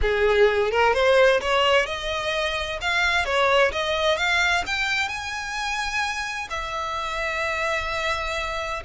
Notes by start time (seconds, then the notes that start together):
0.01 G#4
0.71 A#4
0.93 C5
1.40 C#5
1.86 D#5
2.81 F5
3.25 C#5
3.72 D#5
4.17 F5
4.66 G5
5.08 G#5
6.50 E5